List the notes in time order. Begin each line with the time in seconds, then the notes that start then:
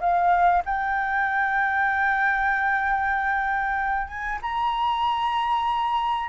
0.00 F5
0.65 G5
4.08 G#5
4.41 A#5